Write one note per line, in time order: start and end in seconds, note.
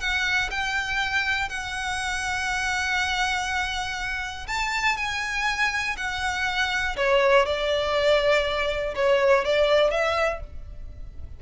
0.00 0.50 F#5
0.51 1.49 G5
1.49 4.47 F#5
4.48 4.97 A5
4.97 5.96 G#5
5.97 6.96 F#5
6.96 7.46 C#5
7.46 8.95 D5
8.95 9.44 C#5
9.44 9.91 D5
9.91 10.40 E5